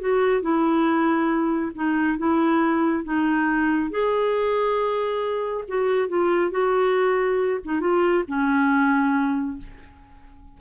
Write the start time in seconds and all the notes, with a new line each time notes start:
0.00 F#4
0.41 E4
1.75 D#4
2.18 E4
3.04 D#4
3.90 G#4
5.68 F#4
6.08 F4
6.51 F#4
7.64 D#4
7.80 F4
8.27 C#4